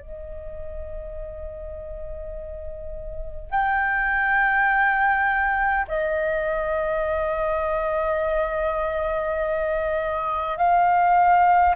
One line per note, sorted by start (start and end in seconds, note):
0.00 3.51 D#5
3.51 5.86 G5
5.88 10.57 D#5
10.57 11.75 F5